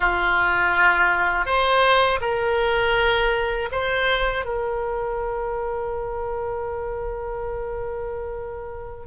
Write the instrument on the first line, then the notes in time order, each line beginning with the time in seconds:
oboe
0.00 F4
1.45 C5
2.21 A#4
3.71 C5
4.45 A#4